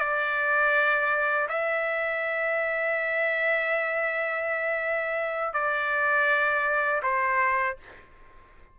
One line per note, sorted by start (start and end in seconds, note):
0.00 1.48 D5
1.49 5.54 E5
5.54 7.02 D5
7.03 7.77 C5